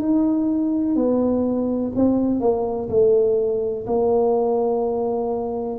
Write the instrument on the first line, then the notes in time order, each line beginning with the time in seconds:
tuba
0.00 D#4
0.95 B3
1.96 C4
2.41 A#3
2.89 A3
3.87 A#3